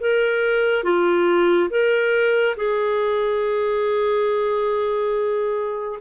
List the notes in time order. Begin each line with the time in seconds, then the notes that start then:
0.00 A#4
0.84 F4
1.70 A#4
2.56 G#4